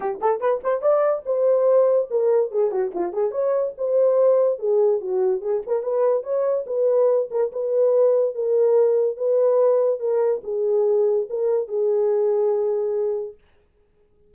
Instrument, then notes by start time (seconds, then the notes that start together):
horn
0.00 G4
0.20 A4
0.40 B4
0.63 C5
0.81 D5
1.25 C5
2.10 A#4
2.51 G#4
2.71 F#4
2.94 F4
3.12 G#4
3.31 C#5
3.77 C5
4.59 G#4
5.00 F#4
5.41 G#4
5.66 A#4
5.82 B4
6.23 C#5
6.66 B4
7.30 A#4
7.52 B4
8.34 A#4
9.16 B4
9.99 A#4
10.43 G#4
11.29 A#4
11.67 G#4